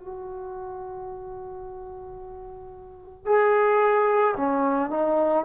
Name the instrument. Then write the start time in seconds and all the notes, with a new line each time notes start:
trombone
0.00 F#4
3.26 G#4
4.37 C#4
4.90 D#4